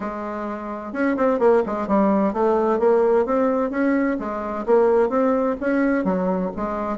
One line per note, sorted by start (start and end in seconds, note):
0.00 0.92 G#3
0.92 1.16 C#4
1.16 1.39 C4
1.39 1.62 A#3
1.65 1.87 G#3
1.87 2.33 G3
2.33 2.79 A3
2.79 3.25 A#3
3.25 3.70 C4
3.70 4.17 C#4
4.19 4.65 G#3
4.66 5.09 A#3
5.09 5.55 C4
5.60 6.04 C#4
6.04 6.51 F#3
6.56 6.97 G#3